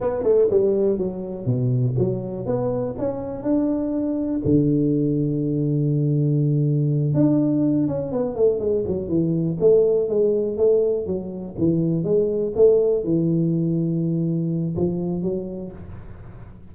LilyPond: \new Staff \with { instrumentName = "tuba" } { \time 4/4 \tempo 4 = 122 b8 a8 g4 fis4 b,4 | fis4 b4 cis'4 d'4~ | d'4 d2.~ | d2~ d8 d'4. |
cis'8 b8 a8 gis8 fis8 e4 a8~ | a8 gis4 a4 fis4 e8~ | e8 gis4 a4 e4.~ | e2 f4 fis4 | }